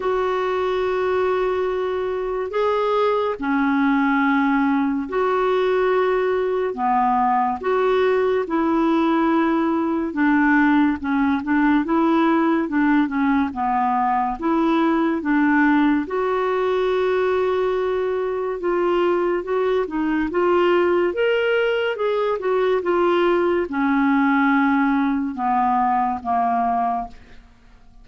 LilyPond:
\new Staff \with { instrumentName = "clarinet" } { \time 4/4 \tempo 4 = 71 fis'2. gis'4 | cis'2 fis'2 | b4 fis'4 e'2 | d'4 cis'8 d'8 e'4 d'8 cis'8 |
b4 e'4 d'4 fis'4~ | fis'2 f'4 fis'8 dis'8 | f'4 ais'4 gis'8 fis'8 f'4 | cis'2 b4 ais4 | }